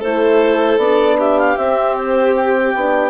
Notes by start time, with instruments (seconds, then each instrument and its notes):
0.00 bassoon A3, horn E4, violin A4, clarinet C5
0.78 bassoon B3, horn D4, clarinet D5
1.19 violin G4, clarinet E5
1.39 clarinet F5
1.57 bassoon C4, horn C4, clarinet E5
1.96 clarinet C5
2.36 clarinet G5
2.75 bassoon B3, horn D4